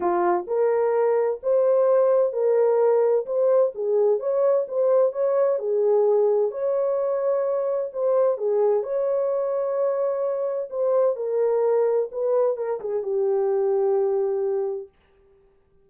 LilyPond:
\new Staff \with { instrumentName = "horn" } { \time 4/4 \tempo 4 = 129 f'4 ais'2 c''4~ | c''4 ais'2 c''4 | gis'4 cis''4 c''4 cis''4 | gis'2 cis''2~ |
cis''4 c''4 gis'4 cis''4~ | cis''2. c''4 | ais'2 b'4 ais'8 gis'8 | g'1 | }